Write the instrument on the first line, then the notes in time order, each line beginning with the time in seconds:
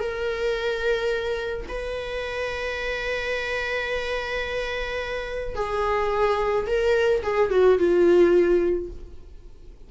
viola
0.00 A#4
1.69 B4
5.56 G#4
6.67 A#4
7.23 G#4
7.51 F#4
7.79 F4